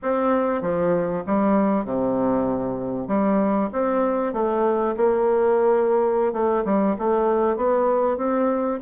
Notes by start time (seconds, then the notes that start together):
0.02 C4
0.61 F3
1.26 G3
1.84 C3
3.07 G3
3.72 C4
4.33 A3
4.97 A#3
6.32 A3
6.65 G3
6.98 A3
7.56 B3
8.17 C4